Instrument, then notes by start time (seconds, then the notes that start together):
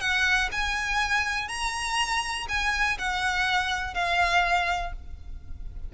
violin
0.00 F#5
0.52 G#5
1.48 A#5
2.49 G#5
2.98 F#5
3.94 F5